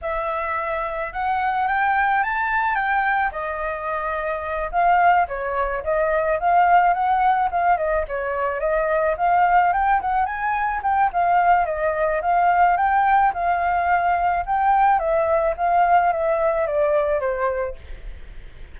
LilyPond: \new Staff \with { instrumentName = "flute" } { \time 4/4 \tempo 4 = 108 e''2 fis''4 g''4 | a''4 g''4 dis''2~ | dis''8 f''4 cis''4 dis''4 f''8~ | f''8 fis''4 f''8 dis''8 cis''4 dis''8~ |
dis''8 f''4 g''8 fis''8 gis''4 g''8 | f''4 dis''4 f''4 g''4 | f''2 g''4 e''4 | f''4 e''4 d''4 c''4 | }